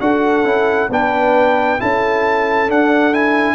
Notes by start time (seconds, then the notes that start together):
0.00 D4 F#4 A4 F#5
0.44 C#4 E4
0.89 B3 D4 B4 G5
1.79 C#4 E4 A4 A5
2.68 D4 F#5
3.12 E4 G#5